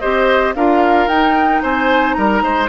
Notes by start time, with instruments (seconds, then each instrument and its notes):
0.00 bassoon C4, clarinet G4, oboe C5, flute D#5
0.55 bassoon D4, clarinet F4, oboe A#4, flute F5
1.08 bassoon D#4, clarinet D#4, flute G5
1.63 bassoon C4, oboe C5, flute G#5
2.14 bassoon G3, oboe A#4, flute A#5
2.43 bassoon G#3, oboe C5